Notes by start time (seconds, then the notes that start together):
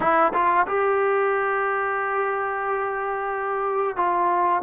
0.00 E4
0.33 F4
0.67 G4
3.96 F4